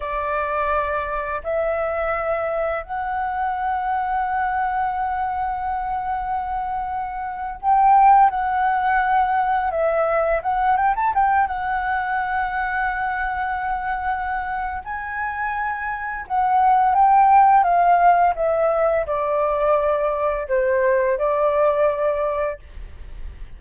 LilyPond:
\new Staff \with { instrumentName = "flute" } { \time 4/4 \tempo 4 = 85 d''2 e''2 | fis''1~ | fis''2~ fis''8. g''4 fis''16~ | fis''4.~ fis''16 e''4 fis''8 g''16 a''16 g''16~ |
g''16 fis''2.~ fis''8.~ | fis''4 gis''2 fis''4 | g''4 f''4 e''4 d''4~ | d''4 c''4 d''2 | }